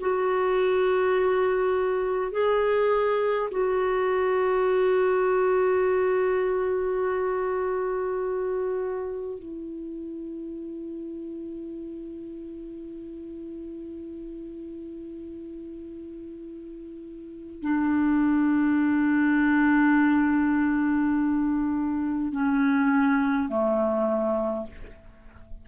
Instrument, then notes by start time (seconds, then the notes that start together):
clarinet
0.00 F#4
2.32 G#4
3.51 F#4
9.39 E4
17.62 D4
22.32 C#4
23.49 A3